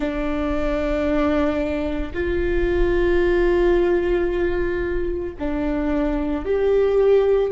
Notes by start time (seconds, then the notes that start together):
0.00 D4
2.13 F4
5.39 D4
6.45 G4